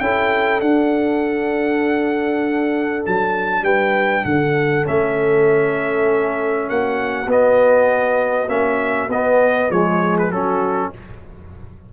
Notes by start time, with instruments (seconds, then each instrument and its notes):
0.00 tuba C#4, trombone E4, horn A4, trumpet G5
0.61 tuba D4, trombone D4, trumpet F#5
3.06 tuba F#3, trumpet A5
3.62 tuba G3, horn B4, trumpet G5
4.25 tuba D3, horn A4, trumpet F#5
4.85 tuba A3, trombone C#4, trumpet E5
6.68 tuba A#3, horn F#4, trumpet F#5
7.27 tuba B3, trombone B3, trumpet D#5
8.48 tuba A#3, trombone C#4, trumpet E5
9.09 tuba B3, trombone B3, trumpet D#5
9.69 tuba F3, trombone G#3, horn G#4, trumpet C#5
10.19 trumpet B4
10.29 tuba F#3, trombone C#4, horn F#4, trumpet A4